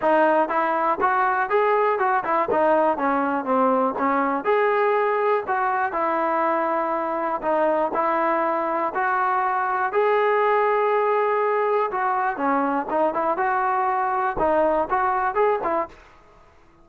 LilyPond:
\new Staff \with { instrumentName = "trombone" } { \time 4/4 \tempo 4 = 121 dis'4 e'4 fis'4 gis'4 | fis'8 e'8 dis'4 cis'4 c'4 | cis'4 gis'2 fis'4 | e'2. dis'4 |
e'2 fis'2 | gis'1 | fis'4 cis'4 dis'8 e'8 fis'4~ | fis'4 dis'4 fis'4 gis'8 e'8 | }